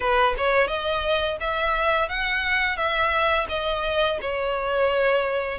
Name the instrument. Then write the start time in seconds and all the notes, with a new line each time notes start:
violin
0.00 B4
0.37 C#5
0.67 D#5
1.40 E5
2.09 F#5
2.76 E5
3.49 D#5
4.21 C#5